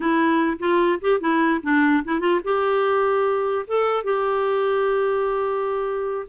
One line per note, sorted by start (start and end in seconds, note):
0.00 0.57 E4
0.59 0.99 F4
1.01 1.20 G4
1.20 1.60 E4
1.63 2.03 D4
2.04 2.20 E4
2.20 2.40 F4
2.43 3.65 G4
3.67 4.04 A4
4.04 6.27 G4